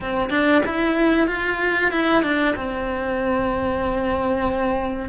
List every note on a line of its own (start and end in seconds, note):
0.00 0.30 C4
0.30 0.62 D4
0.66 1.27 E4
1.27 1.91 F4
1.91 2.22 E4
2.22 2.54 D4
2.55 5.09 C4